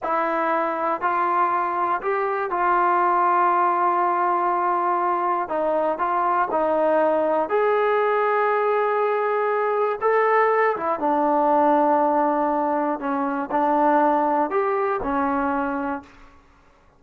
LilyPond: \new Staff \with { instrumentName = "trombone" } { \time 4/4 \tempo 4 = 120 e'2 f'2 | g'4 f'2.~ | f'2. dis'4 | f'4 dis'2 gis'4~ |
gis'1 | a'4. e'8 d'2~ | d'2 cis'4 d'4~ | d'4 g'4 cis'2 | }